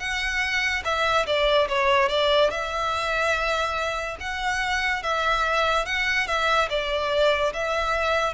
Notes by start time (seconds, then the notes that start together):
0.00 F#5
0.85 E5
1.27 D5
1.69 C#5
2.09 D5
2.51 E5
4.20 F#5
5.03 E5
5.86 F#5
6.28 E5
6.70 D5
7.54 E5